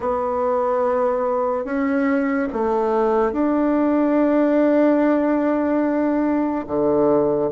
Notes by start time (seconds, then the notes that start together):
0.00 B3
1.64 C#4
2.52 A3
3.32 D4
6.67 D3